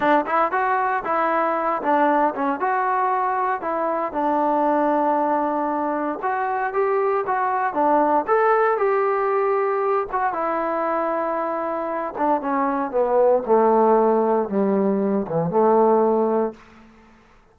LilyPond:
\new Staff \with { instrumentName = "trombone" } { \time 4/4 \tempo 4 = 116 d'8 e'8 fis'4 e'4. d'8~ | d'8 cis'8 fis'2 e'4 | d'1 | fis'4 g'4 fis'4 d'4 |
a'4 g'2~ g'8 fis'8 | e'2.~ e'8 d'8 | cis'4 b4 a2 | g4. e8 a2 | }